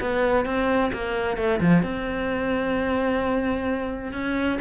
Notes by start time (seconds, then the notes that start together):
0.00 B3
0.45 C4
0.93 A#3
1.37 A3
1.60 F3
1.83 C4
4.13 C#4